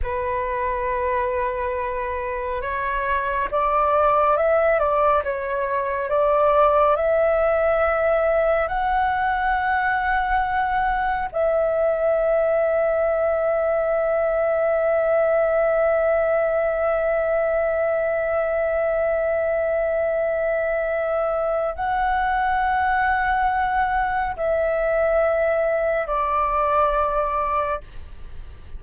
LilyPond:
\new Staff \with { instrumentName = "flute" } { \time 4/4 \tempo 4 = 69 b'2. cis''4 | d''4 e''8 d''8 cis''4 d''4 | e''2 fis''2~ | fis''4 e''2.~ |
e''1~ | e''1~ | e''4 fis''2. | e''2 d''2 | }